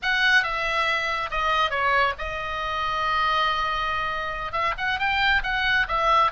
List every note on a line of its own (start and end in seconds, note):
0.02 0.43 F#5
0.43 1.30 E5
1.30 1.70 D#5
1.70 2.13 C#5
2.18 4.52 D#5
4.52 4.74 E5
4.77 4.99 F#5
4.99 5.42 G5
5.43 5.86 F#5
5.88 6.31 E5